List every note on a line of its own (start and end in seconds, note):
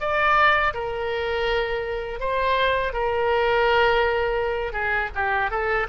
0.00 0.73 D5
0.74 2.20 A#4
2.20 2.93 C5
2.93 4.72 A#4
4.72 5.09 G#4
5.15 5.50 G4
5.50 5.87 A4